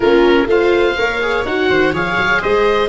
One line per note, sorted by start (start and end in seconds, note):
0.00 0.45 A#3
0.00 0.47 C#4
0.00 0.46 F4
0.00 0.47 A#4
0.45 0.94 A3
0.45 0.96 F4
0.45 0.99 C5
0.45 1.45 F5
0.97 1.45 A#3
0.97 1.21 A#4
0.97 1.69 C#5
1.21 1.45 G#4
1.45 1.69 D#4
1.45 1.94 F#4
1.45 1.94 F#5
1.69 1.92 D#3
1.69 1.92 C5
1.92 2.16 F3
1.92 2.89 G#4
1.92 2.41 C#5
1.92 2.42 F5
2.17 2.41 F#3
2.41 2.89 G#3
2.41 2.89 C5
2.41 2.89 D#5